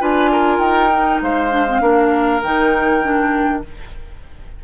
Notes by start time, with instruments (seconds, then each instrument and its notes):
0.00 bassoon D4, clarinet F4, oboe B4, flute G#5
0.32 oboe A#4
0.59 bassoon D#4, flute G5
0.92 clarinet D#4
1.22 bassoon G#3, oboe C5, flute F5
1.51 clarinet D4
1.68 clarinet C4
1.81 bassoon A#3, clarinet D4, oboe A#4
2.43 bassoon D#3, clarinet D#4, flute G5
3.03 clarinet D4